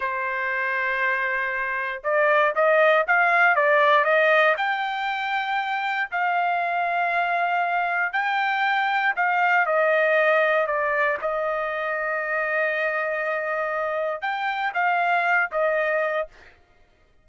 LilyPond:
\new Staff \with { instrumentName = "trumpet" } { \time 4/4 \tempo 4 = 118 c''1 | d''4 dis''4 f''4 d''4 | dis''4 g''2. | f''1 |
g''2 f''4 dis''4~ | dis''4 d''4 dis''2~ | dis''1 | g''4 f''4. dis''4. | }